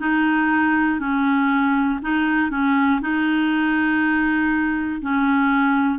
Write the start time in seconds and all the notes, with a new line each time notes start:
0.00 D#4
1.00 C#4
2.02 D#4
2.50 C#4
3.01 D#4
5.02 C#4